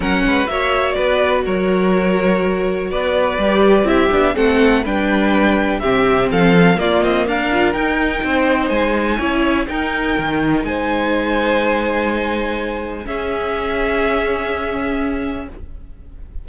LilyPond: <<
  \new Staff \with { instrumentName = "violin" } { \time 4/4 \tempo 4 = 124 fis''4 e''4 d''4 cis''4~ | cis''2 d''2 | e''4 fis''4 g''2 | e''4 f''4 d''8 dis''8 f''4 |
g''2 gis''2 | g''2 gis''2~ | gis''2. e''4~ | e''1 | }
  \new Staff \with { instrumentName = "violin" } { \time 4/4 ais'8 b'8 cis''4 b'4 ais'4~ | ais'2 b'2 | g'4 a'4 b'2 | g'4 a'4 f'4 ais'4~ |
ais'4 c''2 cis''4 | ais'2 c''2~ | c''2. gis'4~ | gis'1 | }
  \new Staff \with { instrumentName = "viola" } { \time 4/4 cis'4 fis'2.~ | fis'2. g'4 | e'8 d'8 c'4 d'2 | c'2 ais4. f'8 |
dis'2. e'4 | dis'1~ | dis'2. cis'4~ | cis'1 | }
  \new Staff \with { instrumentName = "cello" } { \time 4/4 fis8 gis8 ais4 b4 fis4~ | fis2 b4 g4 | c'8 b8 a4 g2 | c4 f4 ais8 c'8 d'4 |
dis'4 c'4 gis4 cis'4 | dis'4 dis4 gis2~ | gis2. cis'4~ | cis'1 | }
>>